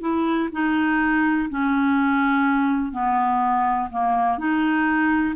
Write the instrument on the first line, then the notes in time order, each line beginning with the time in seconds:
clarinet
0.00 E4
0.52 D#4
1.50 C#4
2.92 B3
3.90 A#3
4.38 D#4